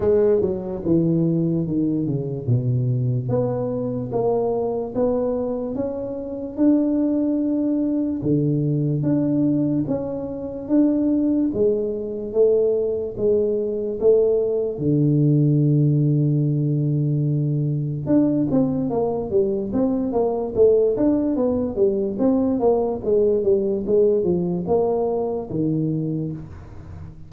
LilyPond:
\new Staff \with { instrumentName = "tuba" } { \time 4/4 \tempo 4 = 73 gis8 fis8 e4 dis8 cis8 b,4 | b4 ais4 b4 cis'4 | d'2 d4 d'4 | cis'4 d'4 gis4 a4 |
gis4 a4 d2~ | d2 d'8 c'8 ais8 g8 | c'8 ais8 a8 d'8 b8 g8 c'8 ais8 | gis8 g8 gis8 f8 ais4 dis4 | }